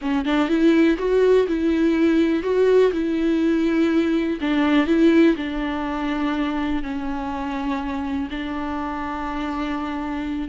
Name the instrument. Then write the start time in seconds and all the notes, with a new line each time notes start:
viola
0.01 C#4
0.25 D4
0.48 E4
0.98 F#4
1.47 E4
2.42 F#4
2.92 E4
4.41 D4
4.86 E4
5.36 D4
6.82 C#4
8.30 D4